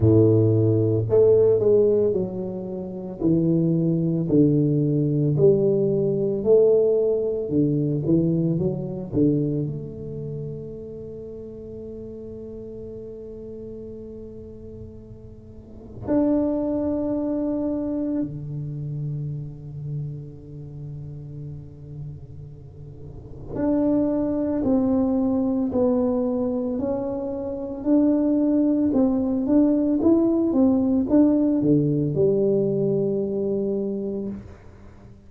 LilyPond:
\new Staff \with { instrumentName = "tuba" } { \time 4/4 \tempo 4 = 56 a,4 a8 gis8 fis4 e4 | d4 g4 a4 d8 e8 | fis8 d8 a2.~ | a2. d'4~ |
d'4 d2.~ | d2 d'4 c'4 | b4 cis'4 d'4 c'8 d'8 | e'8 c'8 d'8 d8 g2 | }